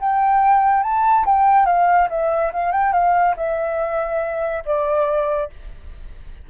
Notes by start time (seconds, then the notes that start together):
0.00 G5
0.83 A5
1.25 G5
1.66 F5
2.10 E5
2.53 F5
2.72 G5
2.93 F5
3.36 E5
4.66 D5